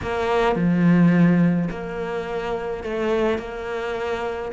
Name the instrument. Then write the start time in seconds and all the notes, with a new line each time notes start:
cello
0.02 A#3
0.55 F3
1.70 A#3
2.83 A3
3.38 A#3